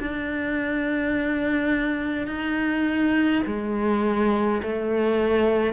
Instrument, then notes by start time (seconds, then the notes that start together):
cello
0.00 D4
2.28 D#4
3.47 G#3
4.63 A3